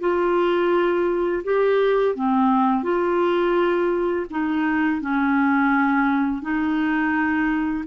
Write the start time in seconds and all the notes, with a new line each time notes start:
0.00 F4
1.44 G4
2.15 C4
2.83 F4
4.30 D#4
5.01 C#4
6.41 D#4